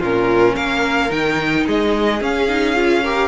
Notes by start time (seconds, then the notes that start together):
0.00 A#2 C#4 F4 A#4
0.56 A#3 A#4 F5
1.10 D#3 D#4 G5
1.66 G#3 G#4 D#5
2.21 C#4 F5
2.49 D#4
2.75 F4
3.04 G4 A#4